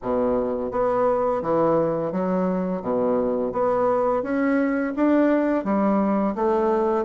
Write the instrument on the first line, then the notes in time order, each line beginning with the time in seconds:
bassoon
0.02 B2
0.71 B3
1.41 E3
2.11 F#3
2.82 B2
3.52 B3
4.22 C#4
4.95 D4
5.64 G3
6.35 A3